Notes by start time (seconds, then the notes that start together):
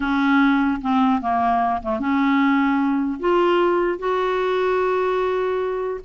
0.00 C#4
0.81 C4
1.21 A#3
1.82 A3
1.99 C#4
3.19 F4
3.98 F#4